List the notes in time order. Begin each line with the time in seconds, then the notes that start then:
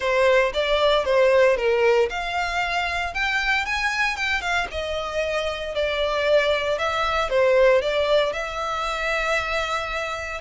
0.00 C5
0.53 D5
1.04 C5
1.57 A#4
2.09 F5
3.14 G5
3.65 G#5
4.16 G5
4.41 F5
4.71 D#5
5.74 D5
6.78 E5
7.29 C5
7.81 D5
8.32 E5